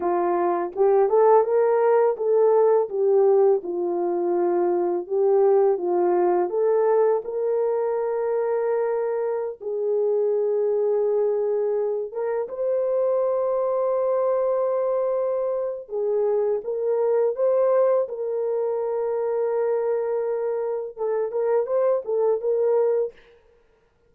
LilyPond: \new Staff \with { instrumentName = "horn" } { \time 4/4 \tempo 4 = 83 f'4 g'8 a'8 ais'4 a'4 | g'4 f'2 g'4 | f'4 a'4 ais'2~ | ais'4~ ais'16 gis'2~ gis'8.~ |
gis'8. ais'8 c''2~ c''8.~ | c''2 gis'4 ais'4 | c''4 ais'2.~ | ais'4 a'8 ais'8 c''8 a'8 ais'4 | }